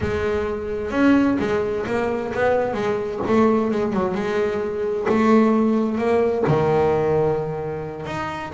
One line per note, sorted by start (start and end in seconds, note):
0.00 0.91 G#3
0.91 1.37 C#4
1.39 1.85 G#3
1.86 2.32 A#3
2.33 2.73 B3
2.73 3.20 G#3
3.27 3.71 A3
3.71 3.92 G#3
3.92 4.14 F#3
4.14 5.06 G#3
5.09 5.98 A3
5.98 6.44 A#3
6.47 8.06 D#3
8.06 8.52 D#4